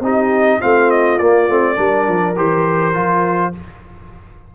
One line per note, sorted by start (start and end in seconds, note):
0.00 0.59 C4
0.00 0.61 D#4
0.00 0.59 G4
0.06 0.61 D#5
0.59 1.20 A3
0.59 1.19 C4
0.59 1.76 F4
0.59 0.91 F5
0.91 1.19 D#5
1.19 1.48 A#3
1.19 1.49 A#3
1.19 2.36 D5
1.48 1.77 A3
1.48 1.76 C4
1.76 2.08 G3
1.76 2.35 D4
1.76 3.52 A#4
2.08 2.37 F3
2.36 2.96 E3
2.36 2.94 G4
2.36 3.55 C5
2.94 3.55 F3
2.94 3.53 F4